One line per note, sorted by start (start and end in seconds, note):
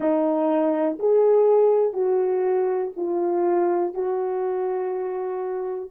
0.00 0.97 D#4
0.99 1.93 G#4
1.93 2.91 F#4
2.96 3.93 F4
3.93 5.90 F#4